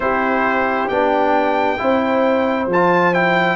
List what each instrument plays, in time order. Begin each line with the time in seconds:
0.00 tuba C4, trombone E4, horn G4, trumpet C5
0.88 tuba B3, trombone D4, trumpet G5
1.77 tuba C4, trombone E4, horn C5
2.66 tuba F3, trumpet A5
2.73 trombone F4
3.13 trombone E4, trumpet G5